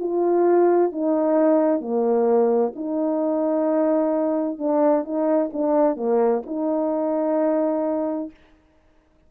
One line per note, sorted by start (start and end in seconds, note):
0.00 0.92 F4
0.92 1.81 D#4
1.81 2.73 A#3
2.76 4.59 D#4
4.59 5.05 D4
5.05 5.51 D#4
5.53 5.97 D4
5.97 6.43 A#3
6.46 8.31 D#4